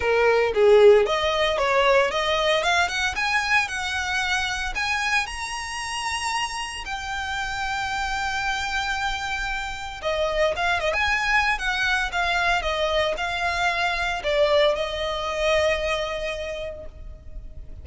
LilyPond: \new Staff \with { instrumentName = "violin" } { \time 4/4 \tempo 4 = 114 ais'4 gis'4 dis''4 cis''4 | dis''4 f''8 fis''8 gis''4 fis''4~ | fis''4 gis''4 ais''2~ | ais''4 g''2.~ |
g''2. dis''4 | f''8 dis''16 gis''4~ gis''16 fis''4 f''4 | dis''4 f''2 d''4 | dis''1 | }